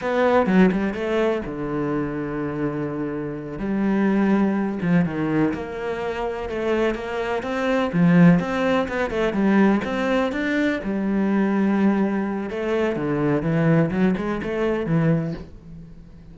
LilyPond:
\new Staff \with { instrumentName = "cello" } { \time 4/4 \tempo 4 = 125 b4 fis8 g8 a4 d4~ | d2.~ d8 g8~ | g2 f8 dis4 ais8~ | ais4. a4 ais4 c'8~ |
c'8 f4 c'4 b8 a8 g8~ | g8 c'4 d'4 g4.~ | g2 a4 d4 | e4 fis8 gis8 a4 e4 | }